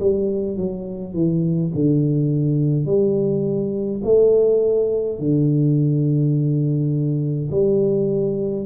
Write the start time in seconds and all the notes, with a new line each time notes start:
0.00 G3
0.57 F#3
1.14 E3
1.75 D3
2.86 G3
4.04 A3
5.19 D3
7.51 G3